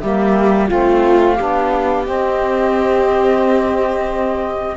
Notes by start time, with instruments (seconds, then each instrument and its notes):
0.00 cello G3, saxophone A#3, viola G4, flute E5
0.68 cello A3, saxophone C4, viola F4, flute F5
1.36 cello B3, saxophone D4, viola G4
2.04 saxophone C4, cello C4, flute D#5